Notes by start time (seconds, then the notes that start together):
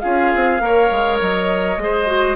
0.00 C#4 F4 G#4 F5
0.35 C4
0.59 A#3 A#4 C#5
0.91 G#3
1.21 F#3 D#5
1.77 G#3 G#4 C5
2.07 F#4